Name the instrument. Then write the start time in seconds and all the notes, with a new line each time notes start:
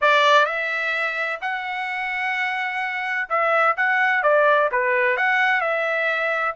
trumpet
0.01 D5
0.45 E5
1.41 F#5
3.29 E5
3.76 F#5
4.22 D5
4.71 B4
5.16 F#5
5.61 E5